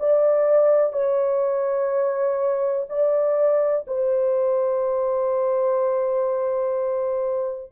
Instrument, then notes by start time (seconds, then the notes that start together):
horn
0.00 D5
0.93 C#5
2.89 D5
3.88 C5